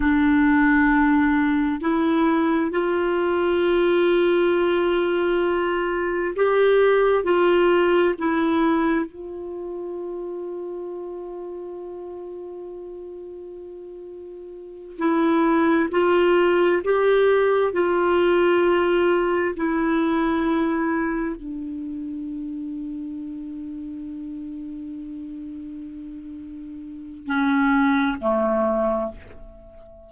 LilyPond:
\new Staff \with { instrumentName = "clarinet" } { \time 4/4 \tempo 4 = 66 d'2 e'4 f'4~ | f'2. g'4 | f'4 e'4 f'2~ | f'1~ |
f'8 e'4 f'4 g'4 f'8~ | f'4. e'2 d'8~ | d'1~ | d'2 cis'4 a4 | }